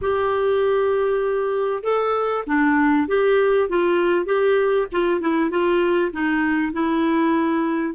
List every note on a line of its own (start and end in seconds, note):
0.01 1.83 G4
1.83 2.44 A4
2.46 3.08 D4
3.08 3.69 G4
3.69 4.26 F4
4.26 4.87 G4
4.91 5.20 F4
5.20 5.50 E4
5.50 6.11 F4
6.13 6.72 D#4
6.72 7.94 E4